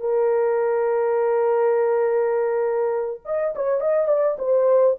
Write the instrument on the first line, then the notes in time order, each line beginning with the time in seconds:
horn
0.00 A#4
3.25 D#5
3.55 C#5
3.80 D#5
4.08 D5
4.38 C5